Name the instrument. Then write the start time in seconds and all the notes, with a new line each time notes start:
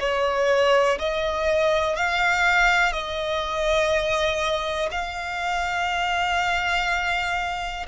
violin
0.00 C#5
0.99 D#5
1.96 F5
2.92 D#5
4.91 F5